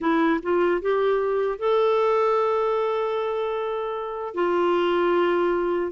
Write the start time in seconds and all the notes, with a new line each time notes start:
0.00 E4
0.42 F4
0.81 G4
1.58 A4
4.34 F4